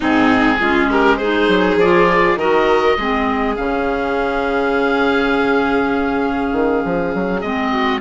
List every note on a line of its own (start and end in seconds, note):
0.00 0.60 G#2
0.00 0.61 C4
0.00 0.57 D#4
0.00 0.91 G#4
0.59 1.47 G#3
0.59 1.20 C#4
0.59 0.89 F4
0.91 1.19 G4
0.91 1.17 A#4
1.17 1.81 D#4
1.17 2.37 G#4
1.17 1.76 C5
1.47 1.76 F#3
1.76 2.35 F3
1.76 2.38 F4
1.76 2.39 D5
2.35 2.95 D#3
2.35 2.98 F#4
2.35 2.97 A#4
2.35 3.55 D#5
2.97 3.57 G#3
2.97 3.56 C4
2.97 7.71 G#4
3.55 6.52 C#3
3.55 7.42 C#4
3.55 7.41 F5
6.52 6.82 D#3
6.84 7.14 F3
7.14 7.42 F#3
7.41 8.01 G#3
7.41 8.01 C4
7.41 8.00 D#5
7.71 8.01 F#4